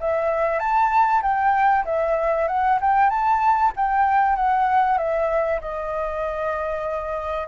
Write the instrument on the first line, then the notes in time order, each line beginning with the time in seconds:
flute
0.00 E5
0.59 A5
1.22 G5
1.85 E5
2.48 F#5
2.81 G5
3.10 A5
3.76 G5
4.36 F#5
4.98 E5
5.61 D#5